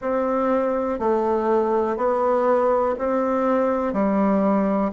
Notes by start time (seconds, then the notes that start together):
0.01 C4
0.99 A3
1.96 B3
2.98 C4
3.93 G3